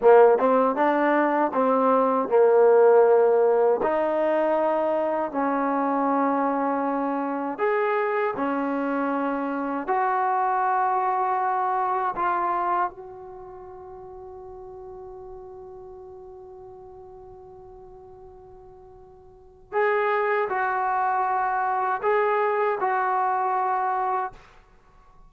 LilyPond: \new Staff \with { instrumentName = "trombone" } { \time 4/4 \tempo 4 = 79 ais8 c'8 d'4 c'4 ais4~ | ais4 dis'2 cis'4~ | cis'2 gis'4 cis'4~ | cis'4 fis'2. |
f'4 fis'2.~ | fis'1~ | fis'2 gis'4 fis'4~ | fis'4 gis'4 fis'2 | }